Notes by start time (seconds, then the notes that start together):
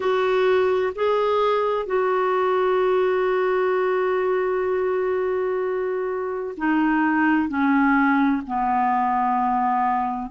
0.00 F#4
0.95 G#4
1.86 F#4
6.57 D#4
7.48 C#4
8.46 B3